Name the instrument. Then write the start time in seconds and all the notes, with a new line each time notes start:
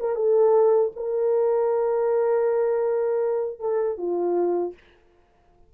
horn
0.00 A#4
0.15 A4
0.96 A#4
3.60 A4
3.98 F4